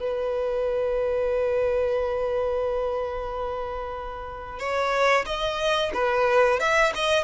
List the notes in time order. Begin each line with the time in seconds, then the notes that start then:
0.00 B4
4.60 C#5
5.26 D#5
5.94 B4
6.60 E5
6.95 D#5